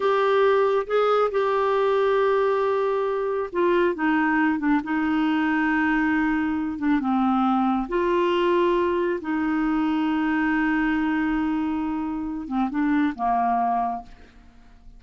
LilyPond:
\new Staff \with { instrumentName = "clarinet" } { \time 4/4 \tempo 4 = 137 g'2 gis'4 g'4~ | g'1 | f'4 dis'4. d'8 dis'4~ | dis'2.~ dis'8 d'8 |
c'2 f'2~ | f'4 dis'2.~ | dis'1~ | dis'8 c'8 d'4 ais2 | }